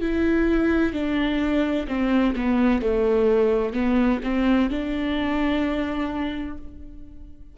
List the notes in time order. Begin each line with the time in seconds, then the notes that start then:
0.00 E4
0.93 D4
1.87 C4
2.35 B3
2.82 A3
3.73 B3
4.23 C4
4.70 D4